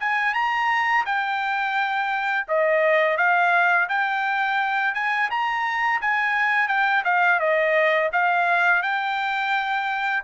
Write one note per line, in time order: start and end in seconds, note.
0.00 0.34 G#5
0.34 1.05 A#5
1.05 2.46 G5
2.48 3.17 D#5
3.17 3.88 F5
3.89 4.94 G5
4.94 5.29 G#5
5.30 6.01 A#5
6.01 6.68 G#5
6.68 7.03 G5
7.04 7.39 F5
7.39 8.10 D#5
8.12 8.82 F5
8.82 10.23 G5